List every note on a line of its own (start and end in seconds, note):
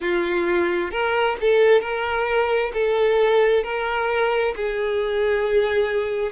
0.00 0.91 F4
0.91 1.36 A#4
1.40 1.81 A4
1.81 2.71 A#4
2.73 3.63 A4
3.63 4.54 A#4
4.55 6.32 G#4